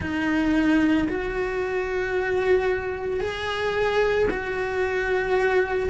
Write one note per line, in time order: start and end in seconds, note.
0.00 1.07 D#4
1.08 3.20 F#4
3.20 4.27 G#4
4.30 5.89 F#4